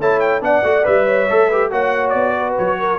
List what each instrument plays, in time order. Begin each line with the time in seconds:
0.00 tuba A3, trombone E4, horn C#5, trumpet A5
0.20 trumpet G5
0.41 tuba B3, trombone D4, horn D5, trumpet F#5
0.63 tuba A3, trombone F#4
0.83 tuba G3, trombone B4, trumpet E5
1.06 horn C#5
1.29 tuba A3, trombone A4
1.48 trombone G4, horn B4
1.71 tuba A#3, trombone F#4, horn C#5, trumpet F#5
2.10 tuba B3, trumpet D5
2.37 horn B4
2.57 tuba F#3, trumpet C#5
2.79 horn A#4